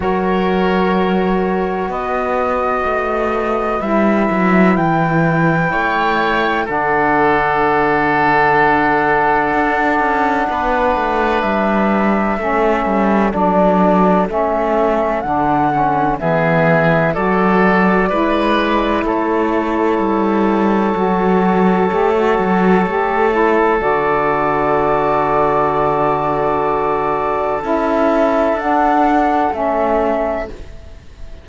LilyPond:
<<
  \new Staff \with { instrumentName = "flute" } { \time 4/4 \tempo 4 = 63 cis''2 dis''2 | e''4 g''2 fis''4~ | fis''1 | e''2 d''4 e''4 |
fis''4 e''4 d''2 | cis''1~ | cis''4 d''2.~ | d''4 e''4 fis''4 e''4 | }
  \new Staff \with { instrumentName = "oboe" } { \time 4/4 ais'2 b'2~ | b'2 cis''4 a'4~ | a'2. b'4~ | b'4 a'2.~ |
a'4 gis'4 a'4 b'4 | a'1~ | a'1~ | a'1 | }
  \new Staff \with { instrumentName = "saxophone" } { \time 4/4 fis'1 | e'2. d'4~ | d'1~ | d'4 cis'4 d'4 cis'4 |
d'8 cis'8 b4 fis'4 e'4~ | e'2 fis'4 g'16 fis'8. | g'8 e'8 fis'2.~ | fis'4 e'4 d'4 cis'4 | }
  \new Staff \with { instrumentName = "cello" } { \time 4/4 fis2 b4 a4 | g8 fis8 e4 a4 d4~ | d2 d'8 cis'8 b8 a8 | g4 a8 g8 fis4 a4 |
d4 e4 fis4 gis4 | a4 g4 fis4 a8 fis8 | a4 d2.~ | d4 cis'4 d'4 a4 | }
>>